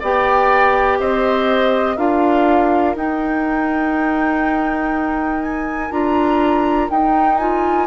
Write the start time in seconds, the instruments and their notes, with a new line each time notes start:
0.00 bassoon B3, clarinet G4, oboe D5, flute G5
1.00 bassoon C4, oboe C5, flute D#5
1.97 bassoon D4, clarinet F4, oboe A#4, flute F5
2.95 bassoon D#4, clarinet D#4, flute G5
5.43 flute G#5
5.91 bassoon D4, clarinet F4, flute A#5
6.90 bassoon D#4, clarinet D#4, flute G5
7.37 clarinet F4, flute G#5